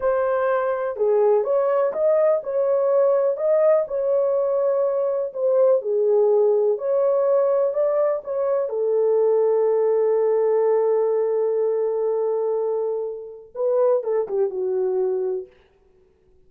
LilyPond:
\new Staff \with { instrumentName = "horn" } { \time 4/4 \tempo 4 = 124 c''2 gis'4 cis''4 | dis''4 cis''2 dis''4 | cis''2. c''4 | gis'2 cis''2 |
d''4 cis''4 a'2~ | a'1~ | a'1 | b'4 a'8 g'8 fis'2 | }